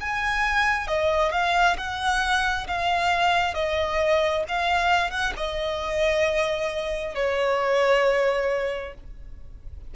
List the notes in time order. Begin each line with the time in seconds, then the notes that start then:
0.00 G#5
0.87 D#5
1.31 F5
1.77 F#5
2.67 F5
3.54 D#5
4.48 F5
5.10 F#5
5.36 D#5
7.15 C#5